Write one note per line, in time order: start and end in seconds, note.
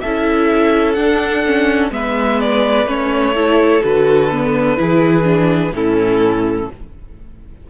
0.00 0.97 C#4
0.00 0.96 E4
0.00 1.91 A4
0.00 0.93 E5
0.93 1.44 D4
0.93 1.90 D4
0.93 1.88 F#5
1.46 1.91 C#4
1.90 2.85 G#3
1.90 2.86 B3
1.90 3.35 B4
1.90 2.40 E5
2.40 2.88 D5
2.85 3.80 A3
2.85 3.34 C#4
2.85 3.83 C#5
3.35 3.82 E4
3.35 4.78 A4
3.82 4.79 D3
3.82 4.30 F#4
3.82 5.74 B4
4.31 4.77 B3
4.77 5.72 E3
4.77 5.23 E4
4.77 5.74 G#4
5.23 5.71 D4
5.72 6.67 A2
5.72 6.69 C#4
5.72 6.70 E4
5.72 6.70 A4